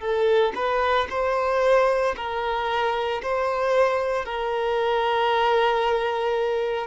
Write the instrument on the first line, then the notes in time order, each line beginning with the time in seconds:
violin
0.00 A4
0.55 B4
1.10 C5
2.16 A#4
3.22 C5
4.25 A#4